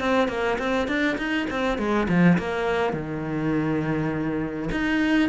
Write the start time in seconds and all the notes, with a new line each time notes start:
0.00 C4
0.29 A#3
0.59 C4
0.88 D4
1.18 D#4
1.51 C4
1.78 G#3
2.09 F3
2.39 A#3
2.93 D#3
4.72 D#4